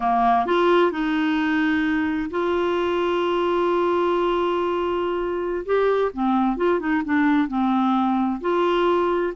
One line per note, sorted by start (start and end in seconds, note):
0.00 0.46 A#3
0.46 0.91 F4
0.91 2.30 D#4
2.30 5.65 F4
5.65 6.11 G4
6.13 6.56 C4
6.56 6.79 F4
6.79 7.02 D#4
7.04 7.48 D4
7.48 8.40 C4
8.40 9.33 F4